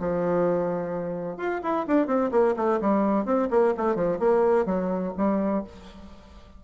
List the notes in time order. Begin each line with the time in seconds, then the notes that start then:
0.00 F3
1.37 F4
1.63 E4
1.87 D4
2.07 C4
2.32 A#3
2.56 A3
2.81 G3
3.25 C4
3.51 A#3
3.77 A3
3.95 F3
4.20 A#3
4.66 F#3
5.17 G3